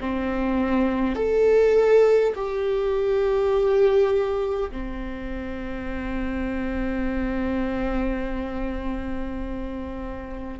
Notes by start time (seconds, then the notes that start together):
0.00 C4
1.16 A4
2.35 G4
4.71 C4